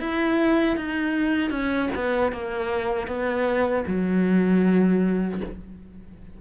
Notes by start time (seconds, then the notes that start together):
0.00 E4
0.77 D#4
1.51 C#4
1.95 B3
2.32 A#3
3.07 B3
3.87 F#3